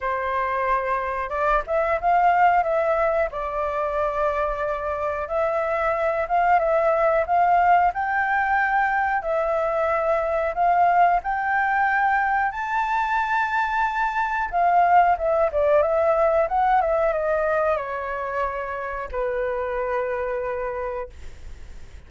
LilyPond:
\new Staff \with { instrumentName = "flute" } { \time 4/4 \tempo 4 = 91 c''2 d''8 e''8 f''4 | e''4 d''2. | e''4. f''8 e''4 f''4 | g''2 e''2 |
f''4 g''2 a''4~ | a''2 f''4 e''8 d''8 | e''4 fis''8 e''8 dis''4 cis''4~ | cis''4 b'2. | }